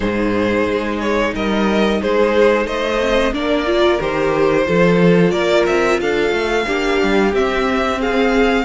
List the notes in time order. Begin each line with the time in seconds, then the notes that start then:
0.00 G#2 D#4 G#4 C5
0.67 G#3
1.00 C#5
1.34 G3 A#4 D#5
2.01 G#3 G#4 C5
2.66 A3 C5 D#5
3.00 C4
3.32 A#3 D4 A#4 D5
3.66 F4
4.00 D#3 G4 C5
4.65 F3 F4 A4
5.30 A#3 A#4 D5
5.66 C4 E5
6.00 D4 A4 F5
6.31 A3
6.66 A#3 D4 G4
7.02 G3
7.33 C4 E5
8.00 G#4 F5